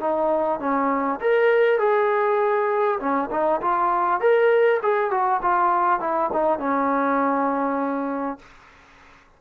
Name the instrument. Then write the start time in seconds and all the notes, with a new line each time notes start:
trombone
0.00 D#4
0.59 C#4
1.21 A#4
1.79 G#4
3.00 C#4
3.31 D#4
3.62 F4
4.21 A#4
4.82 G#4
5.11 F#4
5.42 F4
6.00 E4
6.33 D#4
6.59 C#4